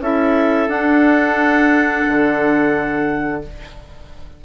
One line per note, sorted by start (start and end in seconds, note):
0.00 0.68 C#4
0.00 0.69 E4
0.00 3.44 A4
0.00 0.69 E5
0.68 2.04 D4
0.68 3.42 D4
0.68 3.42 F#5
2.08 3.45 D3